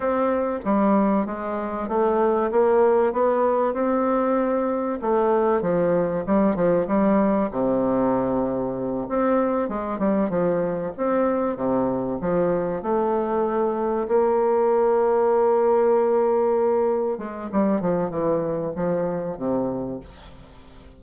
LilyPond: \new Staff \with { instrumentName = "bassoon" } { \time 4/4 \tempo 4 = 96 c'4 g4 gis4 a4 | ais4 b4 c'2 | a4 f4 g8 f8 g4 | c2~ c8 c'4 gis8 |
g8 f4 c'4 c4 f8~ | f8 a2 ais4.~ | ais2.~ ais8 gis8 | g8 f8 e4 f4 c4 | }